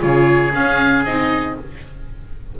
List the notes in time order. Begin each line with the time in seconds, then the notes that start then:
0.00 C#3 F4 G#4 C#5
0.54 C#4 F5
1.05 C4 D#4 D#5